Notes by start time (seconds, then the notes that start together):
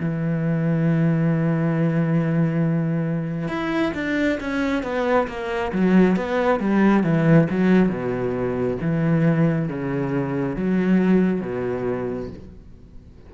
0.00 E3
3.49 E4
3.95 D4
4.41 C#4
4.83 B3
5.28 A#3
5.72 F#3
6.16 B3
6.60 G3
7.04 E3
7.50 F#3
7.89 B2
8.82 E3
9.69 C#3
10.56 F#3
11.41 B2